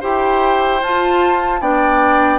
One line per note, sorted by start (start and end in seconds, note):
0.00 0.82 E4
0.00 0.80 G4
0.00 1.60 C5
0.00 0.82 G5
0.82 1.60 F4
0.82 1.61 F4
0.82 1.62 A5
1.60 2.39 B3
1.60 2.39 D4
1.60 2.39 D5
1.60 2.39 G5